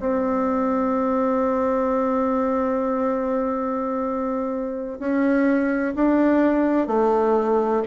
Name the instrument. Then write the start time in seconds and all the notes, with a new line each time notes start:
bassoon
0.00 C4
4.99 C#4
5.95 D4
6.87 A3